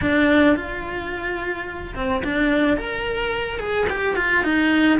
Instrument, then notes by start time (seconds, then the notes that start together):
cello
0.01 D4
0.56 F4
1.95 C4
2.24 D4
2.77 A#4
3.59 G#4
3.89 G4
4.16 F4
4.43 D#4